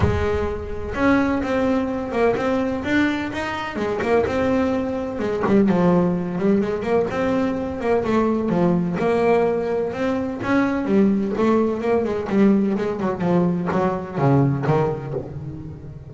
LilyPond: \new Staff \with { instrumentName = "double bass" } { \time 4/4 \tempo 4 = 127 gis2 cis'4 c'4~ | c'8 ais8 c'4 d'4 dis'4 | gis8 ais8 c'2 gis8 g8 | f4. g8 gis8 ais8 c'4~ |
c'8 ais8 a4 f4 ais4~ | ais4 c'4 cis'4 g4 | a4 ais8 gis8 g4 gis8 fis8 | f4 fis4 cis4 dis4 | }